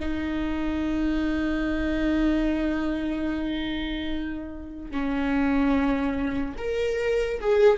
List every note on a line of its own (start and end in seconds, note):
0.00 4.91 D#4
4.91 6.56 C#4
6.58 7.40 A#4
7.41 7.78 G#4